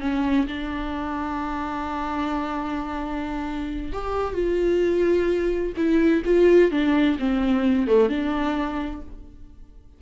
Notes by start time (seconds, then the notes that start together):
0.00 C#4
0.47 D4
3.92 G4
4.34 F4
5.76 E4
6.25 F4
6.71 D4
7.19 C4
7.87 A3
8.09 D4